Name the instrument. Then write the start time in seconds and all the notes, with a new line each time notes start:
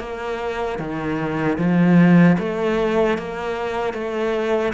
cello
0.00 A#3
0.79 D#3
1.58 F3
2.39 A3
3.18 A#3
3.94 A3